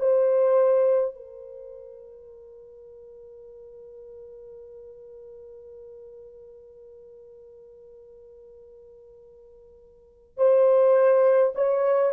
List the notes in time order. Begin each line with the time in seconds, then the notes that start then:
0.00 C5
1.15 A#4
10.38 C5
11.55 C#5